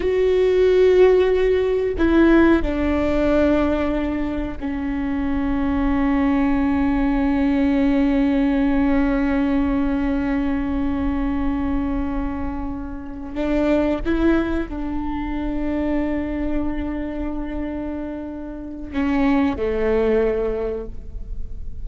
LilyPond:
\new Staff \with { instrumentName = "viola" } { \time 4/4 \tempo 4 = 92 fis'2. e'4 | d'2. cis'4~ | cis'1~ | cis'1~ |
cis'1~ | cis'8 d'4 e'4 d'4.~ | d'1~ | d'4 cis'4 a2 | }